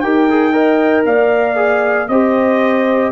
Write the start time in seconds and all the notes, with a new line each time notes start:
0.00 D#4 G4 A#4 G5
0.30 G#4
0.53 A#4 D#5
1.05 A#3 D5 F5
1.56 G#4
2.08 C4 G4 C5 D#5